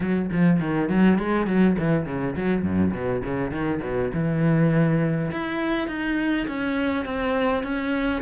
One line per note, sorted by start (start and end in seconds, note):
0.00 0.29 F#3
0.31 0.60 F3
0.60 0.89 D#3
0.89 1.18 F#3
1.18 1.47 G#3
1.47 1.76 F#3
1.78 2.06 E3
2.06 2.35 C#3
2.36 2.63 F#3
2.63 2.92 F#2
2.93 3.22 B2
3.24 3.51 C#3
3.51 3.80 D#3
3.82 4.11 B2
4.13 5.31 E3
5.31 5.87 E4
5.87 6.46 D#4
6.47 7.05 C#4
7.05 7.63 C4
7.63 8.21 C#4